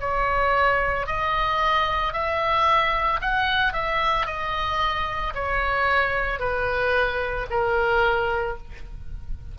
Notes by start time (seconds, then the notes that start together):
0.00 C#5
1.06 D#5
2.13 E5
3.21 F#5
3.73 E5
4.26 D#5
5.34 C#5
6.39 B4
7.50 A#4